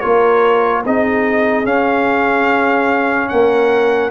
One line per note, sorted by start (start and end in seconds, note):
0.00 0.85 A#3
0.00 0.84 F4
0.00 0.82 A#4
0.00 0.82 C#5
0.85 1.64 C4
0.85 1.65 D#4
0.85 3.30 G#4
0.85 1.66 D#5
1.64 3.29 C#4
1.64 4.11 C#4
1.64 3.28 F5
3.28 4.11 A#3
3.28 4.11 A#4
3.28 4.10 F#5